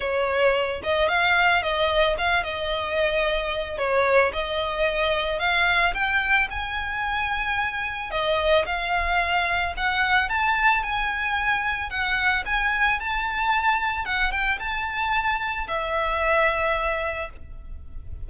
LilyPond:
\new Staff \with { instrumentName = "violin" } { \time 4/4 \tempo 4 = 111 cis''4. dis''8 f''4 dis''4 | f''8 dis''2~ dis''8 cis''4 | dis''2 f''4 g''4 | gis''2. dis''4 |
f''2 fis''4 a''4 | gis''2 fis''4 gis''4 | a''2 fis''8 g''8 a''4~ | a''4 e''2. | }